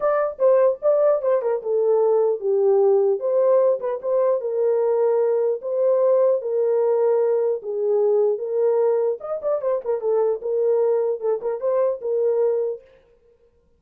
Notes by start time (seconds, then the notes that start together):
0.00 D5
0.39 C5
0.82 D5
1.21 C5
1.42 A#4
1.62 A4
2.40 G4
3.19 C5
3.79 B4
4.02 C5
4.40 A#4
5.61 C5
6.41 A#4
7.62 G#4
8.38 A#4
9.20 D#5
9.42 D5
9.61 C5
9.84 A#4
10.00 A4
10.41 A#4
11.20 A4
11.41 A#4
11.60 C5
12.01 A#4